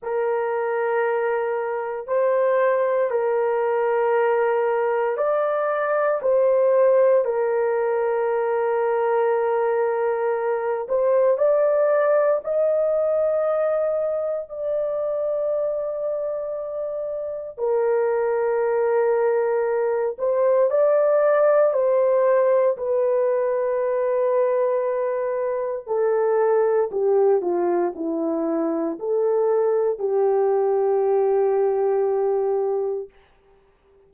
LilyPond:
\new Staff \with { instrumentName = "horn" } { \time 4/4 \tempo 4 = 58 ais'2 c''4 ais'4~ | ais'4 d''4 c''4 ais'4~ | ais'2~ ais'8 c''8 d''4 | dis''2 d''2~ |
d''4 ais'2~ ais'8 c''8 | d''4 c''4 b'2~ | b'4 a'4 g'8 f'8 e'4 | a'4 g'2. | }